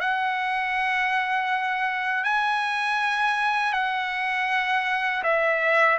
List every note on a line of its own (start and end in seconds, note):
0.00 2.24 F#5
2.24 3.73 G#5
3.73 5.23 F#5
5.23 5.98 E5